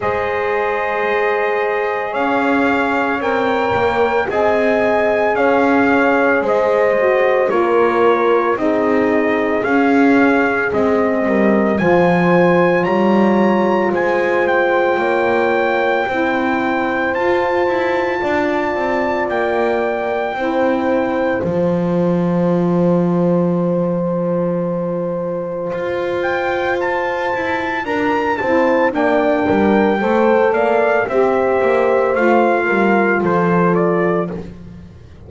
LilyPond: <<
  \new Staff \with { instrumentName = "trumpet" } { \time 4/4 \tempo 4 = 56 dis''2 f''4 g''4 | gis''4 f''4 dis''4 cis''4 | dis''4 f''4 dis''4 gis''4 | ais''4 gis''8 g''2~ g''8 |
a''2 g''2 | a''1~ | a''8 g''8 a''4 ais''8 a''8 g''4~ | g''8 f''8 e''4 f''4 c''8 d''8 | }
  \new Staff \with { instrumentName = "horn" } { \time 4/4 c''2 cis''2 | dis''4 cis''4 c''4 ais'4 | gis'2~ gis'8 ais'8 c''4 | cis''4 c''4 cis''4 c''4~ |
c''4 d''2 c''4~ | c''1~ | c''2 ais'8 c''8 d''8 ais'8 | c''8 d''8 c''4. ais'8 a'4 | }
  \new Staff \with { instrumentName = "saxophone" } { \time 4/4 gis'2. ais'4 | gis'2~ gis'8 fis'8 f'4 | dis'4 cis'4 c'4 f'4~ | f'2. e'4 |
f'2. e'4 | f'1~ | f'2~ f'8 e'8 d'4 | a'4 g'4 f'2 | }
  \new Staff \with { instrumentName = "double bass" } { \time 4/4 gis2 cis'4 c'8 ais8 | c'4 cis'4 gis4 ais4 | c'4 cis'4 gis8 g8 f4 | g4 gis4 ais4 c'4 |
f'8 e'8 d'8 c'8 ais4 c'4 | f1 | f'4. e'8 d'8 c'8 ais8 g8 | a8 ais8 c'8 ais8 a8 g8 f4 | }
>>